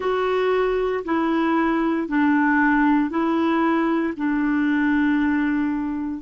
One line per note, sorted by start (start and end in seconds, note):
0.00 1.03 F#4
1.04 2.07 E4
2.07 3.10 D4
3.10 4.13 E4
4.17 6.21 D4